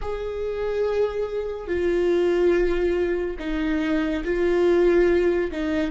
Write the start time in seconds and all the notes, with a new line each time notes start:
0.01 G#4
1.67 F4
3.39 D#4
4.24 F4
5.51 D#4